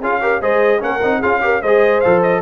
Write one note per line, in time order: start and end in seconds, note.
0.00 0.41 C#4
0.00 0.21 F4
0.00 0.20 G#4
0.00 0.42 F5
0.21 0.41 G4
0.21 0.42 A#4
0.41 0.81 G#3
0.41 0.80 G#4
0.41 0.82 C5
0.41 0.83 D#5
0.80 1.02 A#3
0.80 1.00 C#4
0.80 1.19 A#4
0.80 1.22 F#5
1.03 1.23 C4
1.03 1.23 D#4
1.19 1.62 C#4
1.19 1.41 F4
1.19 1.40 G#4
1.19 1.62 F5
1.41 1.61 G4
1.41 1.63 A#4
1.62 2.03 G#3
1.62 2.04 G#4
1.62 2.42 C5
1.62 2.01 D#5
2.01 2.42 F3
2.01 2.42 A4
2.01 2.21 F5
2.22 2.42 D#5